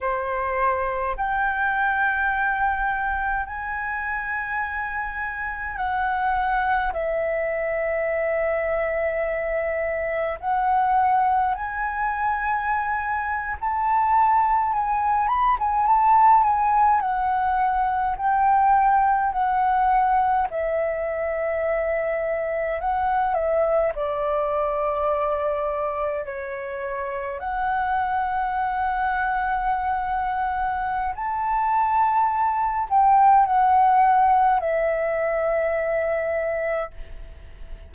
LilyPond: \new Staff \with { instrumentName = "flute" } { \time 4/4 \tempo 4 = 52 c''4 g''2 gis''4~ | gis''4 fis''4 e''2~ | e''4 fis''4 gis''4.~ gis''16 a''16~ | a''8. gis''8 b''16 gis''16 a''8 gis''8 fis''4 g''16~ |
g''8. fis''4 e''2 fis''16~ | fis''16 e''8 d''2 cis''4 fis''16~ | fis''2. a''4~ | a''8 g''8 fis''4 e''2 | }